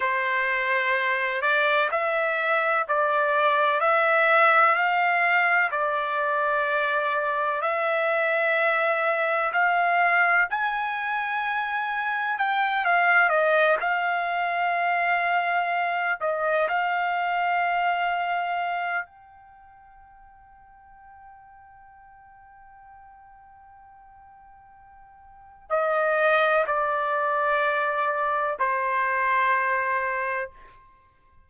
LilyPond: \new Staff \with { instrumentName = "trumpet" } { \time 4/4 \tempo 4 = 63 c''4. d''8 e''4 d''4 | e''4 f''4 d''2 | e''2 f''4 gis''4~ | gis''4 g''8 f''8 dis''8 f''4.~ |
f''4 dis''8 f''2~ f''8 | g''1~ | g''2. dis''4 | d''2 c''2 | }